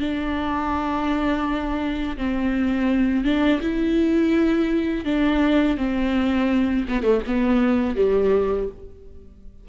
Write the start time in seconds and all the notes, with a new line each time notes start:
0.00 D4
2.17 C4
3.24 D4
3.61 E4
5.05 D4
5.77 C4
6.88 B3
7.03 A3
7.27 B3
7.96 G3